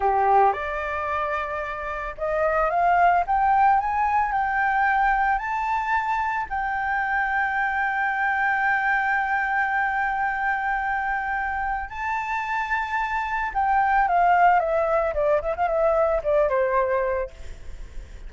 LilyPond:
\new Staff \with { instrumentName = "flute" } { \time 4/4 \tempo 4 = 111 g'4 d''2. | dis''4 f''4 g''4 gis''4 | g''2 a''2 | g''1~ |
g''1~ | g''2 a''2~ | a''4 g''4 f''4 e''4 | d''8 e''16 f''16 e''4 d''8 c''4. | }